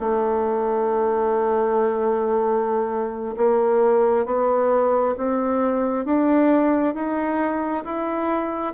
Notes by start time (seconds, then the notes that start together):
0.00 A3
3.37 A#3
4.26 B3
5.18 C4
6.06 D4
6.95 D#4
7.85 E4